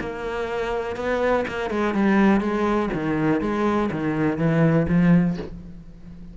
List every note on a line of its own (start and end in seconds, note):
0.00 0.96 A#3
0.96 1.45 B3
1.48 1.70 A#3
1.70 1.94 G#3
1.94 2.40 G3
2.40 2.89 G#3
2.93 3.41 D#3
3.41 3.90 G#3
3.91 4.37 D#3
4.37 4.86 E3
4.88 5.37 F3